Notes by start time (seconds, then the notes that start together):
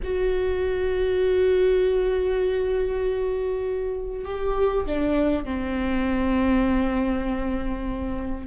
0.03 F#4
4.25 G4
4.85 D4
5.44 C4